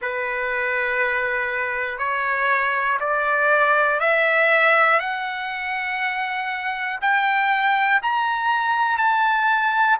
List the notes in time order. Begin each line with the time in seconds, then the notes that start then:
0.01 B4
1.98 C#5
3.00 D5
4.00 E5
4.99 F#5
7.01 G5
8.02 A#5
8.97 A5